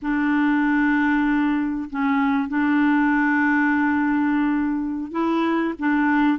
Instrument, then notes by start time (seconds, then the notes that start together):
clarinet
0.02 D4
1.89 C#4
2.48 D4
5.11 E4
5.78 D4